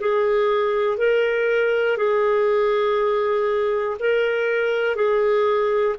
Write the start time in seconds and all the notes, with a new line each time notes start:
0.00 G#4
0.98 A#4
1.98 G#4
4.00 A#4
4.96 G#4